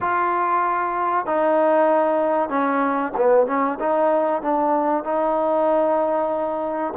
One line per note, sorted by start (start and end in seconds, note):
0.01 1.25 F4
1.25 2.49 D#4
2.49 3.12 C#4
3.17 3.47 B3
3.47 3.78 C#4
3.79 4.42 D#4
4.42 5.04 D4
5.04 6.93 D#4